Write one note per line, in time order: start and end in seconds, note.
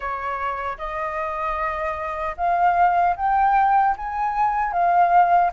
0.00 0.77 C#5
0.78 2.35 D#5
2.37 3.16 F5
3.16 3.95 G5
3.97 4.72 G#5
4.72 5.51 F5